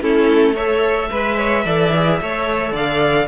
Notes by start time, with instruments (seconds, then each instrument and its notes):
0.00 cello A3, viola C#4, violin E4 A4
0.54 viola A4, violin C#5 E5
1.10 cello G#3, violin B4, viola B4
1.37 violin C#5
1.65 cello E3, viola A4, violin D5
1.95 viola G#4
2.21 cello A3, viola A4, violin C#5
2.71 cello D3, violin D5 F5